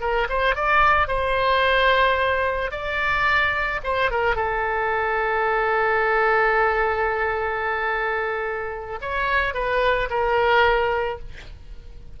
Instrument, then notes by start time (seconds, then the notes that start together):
oboe
0.00 A#4
0.29 C5
0.55 D5
1.07 C5
2.71 D5
3.83 C5
4.11 A#4
4.35 A4
9.01 C#5
9.54 B4
10.10 A#4